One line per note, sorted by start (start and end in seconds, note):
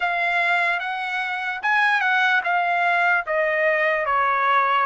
0.00 0.79 F5
0.79 1.60 F#5
1.62 2.00 G#5
2.00 2.41 F#5
2.43 3.24 F5
3.26 4.05 D#5
4.05 4.86 C#5